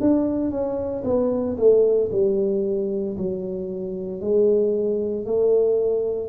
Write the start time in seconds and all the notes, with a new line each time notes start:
0.00 D4
0.51 C#4
1.04 B3
1.57 A3
2.11 G3
3.17 F#3
4.21 G#3
5.25 A3